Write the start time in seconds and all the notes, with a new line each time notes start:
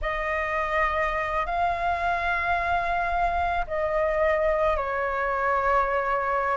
0.01 D#5
1.46 F5
3.67 D#5
4.76 C#5